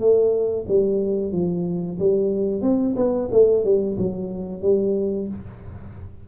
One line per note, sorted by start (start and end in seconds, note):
0.00 0.66 A3
0.69 1.32 G3
1.32 1.98 F3
2.00 2.62 G3
2.62 2.95 C4
2.96 3.29 B3
3.32 3.65 A3
3.65 3.98 G3
3.98 4.62 F#3
4.62 5.28 G3